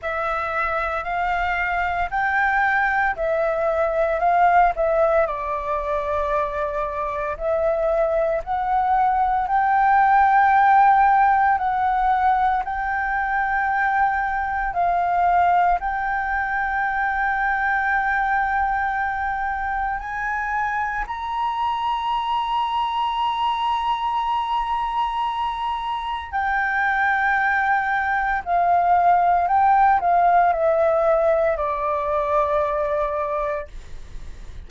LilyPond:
\new Staff \with { instrumentName = "flute" } { \time 4/4 \tempo 4 = 57 e''4 f''4 g''4 e''4 | f''8 e''8 d''2 e''4 | fis''4 g''2 fis''4 | g''2 f''4 g''4~ |
g''2. gis''4 | ais''1~ | ais''4 g''2 f''4 | g''8 f''8 e''4 d''2 | }